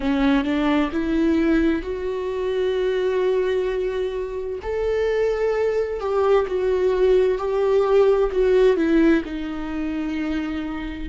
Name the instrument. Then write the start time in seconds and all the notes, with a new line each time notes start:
viola
0.00 C#4
0.44 D4
0.91 E4
1.82 F#4
4.62 A4
6.00 G4
6.47 F#4
7.38 G4
8.31 F#4
8.76 E4
9.24 D#4